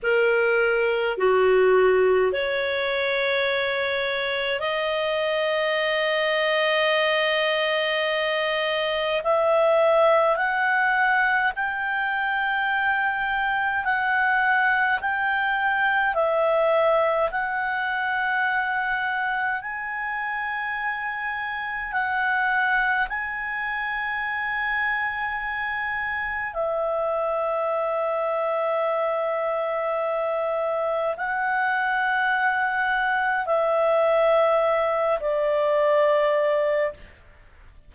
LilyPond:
\new Staff \with { instrumentName = "clarinet" } { \time 4/4 \tempo 4 = 52 ais'4 fis'4 cis''2 | dis''1 | e''4 fis''4 g''2 | fis''4 g''4 e''4 fis''4~ |
fis''4 gis''2 fis''4 | gis''2. e''4~ | e''2. fis''4~ | fis''4 e''4. d''4. | }